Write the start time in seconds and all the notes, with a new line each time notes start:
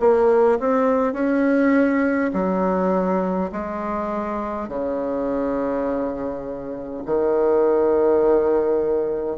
0.00 A#3
0.60 C4
1.13 C#4
2.33 F#3
3.52 G#3
4.68 C#3
7.06 D#3